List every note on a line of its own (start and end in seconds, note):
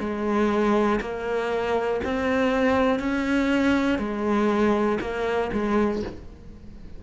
0.00 1.00 G#3
1.01 2.01 A#3
2.05 3.00 C4
3.00 3.99 C#4
3.99 4.99 G#3
5.01 5.51 A#3
5.53 6.03 G#3